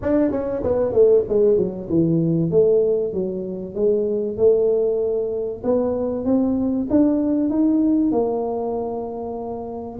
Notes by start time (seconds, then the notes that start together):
0.02 D4
0.31 C#4
0.62 B3
0.92 A3
1.28 G#3
1.57 F#3
1.89 E3
2.50 A3
3.13 F#3
3.74 G#3
4.37 A3
5.63 B3
6.24 C4
6.89 D4
7.49 D#4
8.11 A#3